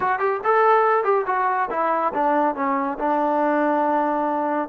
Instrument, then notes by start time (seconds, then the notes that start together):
trombone
0.00 F#4
0.19 G4
0.44 A4
1.04 G4
1.26 F#4
1.70 E4
2.14 D4
2.55 C#4
2.98 D4